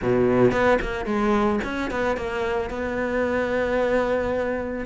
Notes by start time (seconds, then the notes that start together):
0.01 B2
0.51 B3
0.81 A#3
1.05 G#3
1.64 C#4
1.90 B3
2.16 A#3
2.70 B3